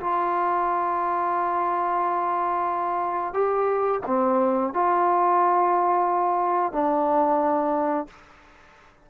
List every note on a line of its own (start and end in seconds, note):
0.00 3.34 F4
3.34 4.01 G4
4.07 4.74 C4
4.74 6.73 F4
6.73 8.07 D4